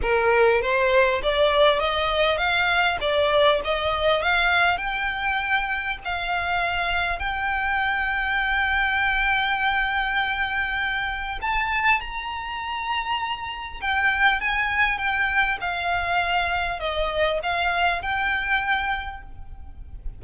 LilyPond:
\new Staff \with { instrumentName = "violin" } { \time 4/4 \tempo 4 = 100 ais'4 c''4 d''4 dis''4 | f''4 d''4 dis''4 f''4 | g''2 f''2 | g''1~ |
g''2. a''4 | ais''2. g''4 | gis''4 g''4 f''2 | dis''4 f''4 g''2 | }